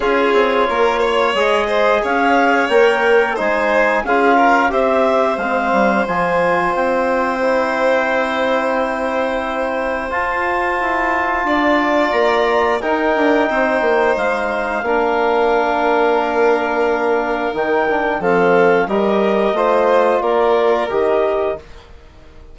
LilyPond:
<<
  \new Staff \with { instrumentName = "clarinet" } { \time 4/4 \tempo 4 = 89 cis''2 dis''4 f''4 | g''4 gis''4 f''4 e''4 | f''4 gis''4 g''2~ | g''2. a''4~ |
a''2 ais''4 g''4~ | g''4 f''2.~ | f''2 g''4 f''4 | dis''2 d''4 dis''4 | }
  \new Staff \with { instrumentName = "violin" } { \time 4/4 gis'4 ais'8 cis''4 c''8 cis''4~ | cis''4 c''4 gis'8 ais'8 c''4~ | c''1~ | c''1~ |
c''4 d''2 ais'4 | c''2 ais'2~ | ais'2. a'4 | ais'4 c''4 ais'2 | }
  \new Staff \with { instrumentName = "trombone" } { \time 4/4 f'2 gis'2 | ais'4 dis'4 f'4 g'4 | c'4 f'2 e'4~ | e'2. f'4~ |
f'2. dis'4~ | dis'2 d'2~ | d'2 dis'8 d'8 c'4 | g'4 f'2 g'4 | }
  \new Staff \with { instrumentName = "bassoon" } { \time 4/4 cis'8 c'8 ais4 gis4 cis'4 | ais4 gis4 cis'4 c'4 | gis8 g8 f4 c'2~ | c'2. f'4 |
e'4 d'4 ais4 dis'8 d'8 | c'8 ais8 gis4 ais2~ | ais2 dis4 f4 | g4 a4 ais4 dis4 | }
>>